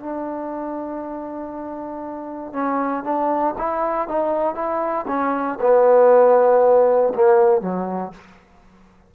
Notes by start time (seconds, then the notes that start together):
0.00 D4
2.53 C#4
3.04 D4
3.58 E4
4.08 D#4
4.55 E4
5.08 C#4
5.61 B3
7.15 A#3
7.61 F#3